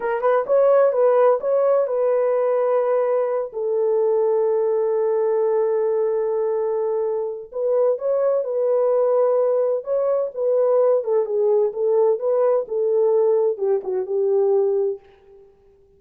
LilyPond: \new Staff \with { instrumentName = "horn" } { \time 4/4 \tempo 4 = 128 ais'8 b'8 cis''4 b'4 cis''4 | b'2.~ b'8 a'8~ | a'1~ | a'1 |
b'4 cis''4 b'2~ | b'4 cis''4 b'4. a'8 | gis'4 a'4 b'4 a'4~ | a'4 g'8 fis'8 g'2 | }